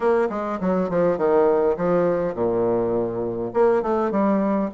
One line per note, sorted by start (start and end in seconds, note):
0.00 0.28 A#3
0.29 0.59 G#3
0.60 0.89 F#3
0.89 1.17 F3
1.17 1.76 D#3
1.76 2.34 F3
2.34 3.52 A#2
3.53 3.82 A#3
3.82 4.11 A3
4.11 4.70 G3